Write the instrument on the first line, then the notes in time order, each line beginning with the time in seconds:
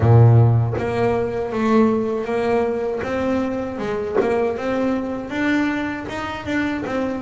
double bass
0.00 A#2
0.78 A#3
1.52 A3
2.24 A#3
3.03 C4
3.78 G#3
4.20 A#3
4.57 C4
5.30 D4
6.08 D#4
6.45 D4
6.86 C4